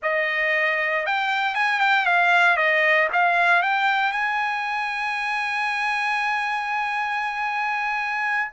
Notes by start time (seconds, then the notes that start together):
0.02 D#5
1.06 G5
1.54 G#5
1.80 G5
2.05 F5
2.56 D#5
3.12 F5
3.62 G5
4.11 G#5